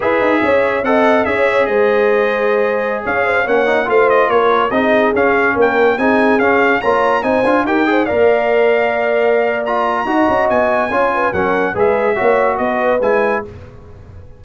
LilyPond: <<
  \new Staff \with { instrumentName = "trumpet" } { \time 4/4 \tempo 4 = 143 e''2 fis''4 e''4 | dis''2.~ dis''16 f''8.~ | f''16 fis''4 f''8 dis''8 cis''4 dis''8.~ | dis''16 f''4 g''4 gis''4 f''8.~ |
f''16 ais''4 gis''4 g''4 f''8.~ | f''2. ais''4~ | ais''4 gis''2 fis''4 | e''2 dis''4 gis''4 | }
  \new Staff \with { instrumentName = "horn" } { \time 4/4 b'4 cis''4 dis''4 cis''4 | c''2.~ c''16 cis''8 c''16~ | c''16 cis''4 c''4 ais'4 gis'8.~ | gis'4~ gis'16 ais'4 gis'4.~ gis'16~ |
gis'16 cis''4 c''4 ais'8 c''8 d''8.~ | d''1 | dis''2 cis''8 b'8 ais'4 | b'4 cis''4 b'2 | }
  \new Staff \with { instrumentName = "trombone" } { \time 4/4 gis'2 a'4 gis'4~ | gis'1~ | gis'16 cis'8 dis'8 f'2 dis'8.~ | dis'16 cis'2 dis'4 cis'8.~ |
cis'16 f'4 dis'8 f'8 g'8 gis'8 ais'8.~ | ais'2. f'4 | fis'2 f'4 cis'4 | gis'4 fis'2 e'4 | }
  \new Staff \with { instrumentName = "tuba" } { \time 4/4 e'8 dis'8 cis'4 c'4 cis'4 | gis2.~ gis16 cis'8.~ | cis'16 ais4 a4 ais4 c'8.~ | c'16 cis'4 ais4 c'4 cis'8.~ |
cis'16 ais4 c'8 d'8 dis'4 ais8.~ | ais1 | dis'8 cis'8 b4 cis'4 fis4 | gis4 ais4 b4 gis4 | }
>>